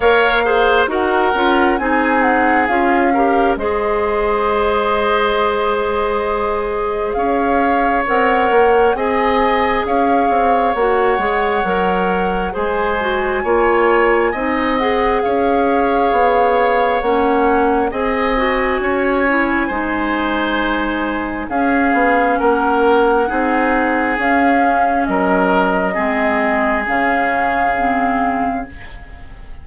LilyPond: <<
  \new Staff \with { instrumentName = "flute" } { \time 4/4 \tempo 4 = 67 f''4 fis''4 gis''8 fis''8 f''4 | dis''1 | f''4 fis''4 gis''4 f''4 | fis''2 gis''2~ |
gis''8 fis''8 f''2 fis''4 | gis''1 | f''4 fis''2 f''4 | dis''2 f''2 | }
  \new Staff \with { instrumentName = "oboe" } { \time 4/4 cis''8 c''8 ais'4 gis'4. ais'8 | c''1 | cis''2 dis''4 cis''4~ | cis''2 c''4 cis''4 |
dis''4 cis''2. | dis''4 cis''4 c''2 | gis'4 ais'4 gis'2 | ais'4 gis'2. | }
  \new Staff \with { instrumentName = "clarinet" } { \time 4/4 ais'8 gis'8 fis'8 f'8 dis'4 f'8 g'8 | gis'1~ | gis'4 ais'4 gis'2 | fis'8 gis'8 ais'4 gis'8 fis'8 f'4 |
dis'8 gis'2~ gis'8 cis'4 | gis'8 fis'4 e'8 dis'2 | cis'2 dis'4 cis'4~ | cis'4 c'4 cis'4 c'4 | }
  \new Staff \with { instrumentName = "bassoon" } { \time 4/4 ais4 dis'8 cis'8 c'4 cis'4 | gis1 | cis'4 c'8 ais8 c'4 cis'8 c'8 | ais8 gis8 fis4 gis4 ais4 |
c'4 cis'4 b4 ais4 | c'4 cis'4 gis2 | cis'8 b8 ais4 c'4 cis'4 | fis4 gis4 cis2 | }
>>